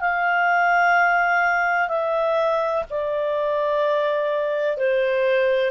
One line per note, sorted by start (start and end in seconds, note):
0.00 1.88 F5
1.88 2.83 E5
2.90 4.77 D5
4.77 5.71 C5